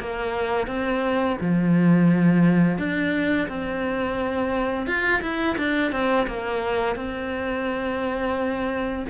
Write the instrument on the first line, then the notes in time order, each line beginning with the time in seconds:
cello
0.00 A#3
0.67 C4
1.41 F3
2.78 D4
3.48 C4
4.87 F4
5.22 E4
5.58 D4
5.92 C4
6.27 A#3
6.96 C4